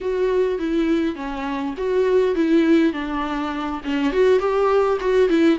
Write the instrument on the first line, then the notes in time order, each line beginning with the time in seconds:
viola
0.00 F#4
0.59 E4
1.15 C#4
1.77 F#4
2.35 E4
2.93 D4
3.84 C#4
4.12 F#4
4.39 G4
5.00 F#4
5.29 E4